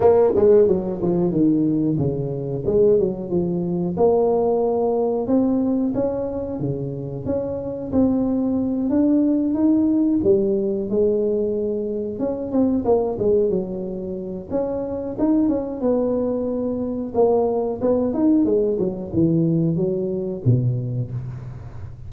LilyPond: \new Staff \with { instrumentName = "tuba" } { \time 4/4 \tempo 4 = 91 ais8 gis8 fis8 f8 dis4 cis4 | gis8 fis8 f4 ais2 | c'4 cis'4 cis4 cis'4 | c'4. d'4 dis'4 g8~ |
g8 gis2 cis'8 c'8 ais8 | gis8 fis4. cis'4 dis'8 cis'8 | b2 ais4 b8 dis'8 | gis8 fis8 e4 fis4 b,4 | }